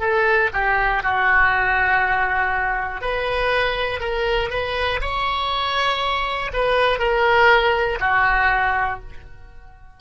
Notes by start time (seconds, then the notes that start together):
0.00 A4
0.53 G4
1.03 F#4
3.01 B4
4.00 A#4
4.50 B4
5.01 C#5
6.53 B4
6.99 A#4
8.00 F#4